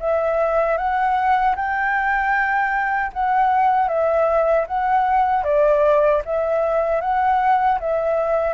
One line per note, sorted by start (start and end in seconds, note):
0.00 0.78 E5
0.78 1.55 F#5
1.56 3.12 G5
3.13 3.88 F#5
3.88 4.66 E5
4.67 5.44 F#5
5.44 6.22 D5
6.25 7.01 E5
7.01 7.79 F#5
7.80 8.54 E5